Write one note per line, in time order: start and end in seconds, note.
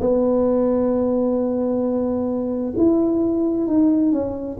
0.00 2.73 B3
2.77 3.67 E4
3.67 4.12 D#4
4.12 4.57 C#4